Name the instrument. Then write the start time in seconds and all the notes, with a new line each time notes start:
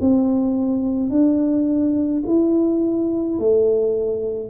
tuba
0.00 C4
1.10 D4
2.26 E4
3.39 A3